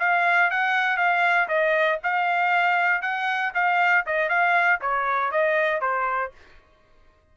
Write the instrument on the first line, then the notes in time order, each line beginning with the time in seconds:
trumpet
0.00 F5
0.51 F#5
0.98 F5
1.49 D#5
2.04 F5
3.02 F#5
3.55 F5
4.07 D#5
4.29 F5
4.81 C#5
5.32 D#5
5.82 C5